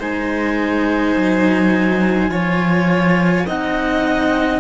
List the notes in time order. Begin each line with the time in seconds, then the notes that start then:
0.00 G#3 D#4 C5 G#5
1.17 F#3
2.29 F3 F4 C#5
3.47 C4 D#4 D#5 F#5